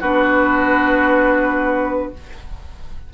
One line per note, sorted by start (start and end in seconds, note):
0.00 2.13 B3
0.00 2.14 D4
0.00 2.12 F#4
0.00 2.13 B4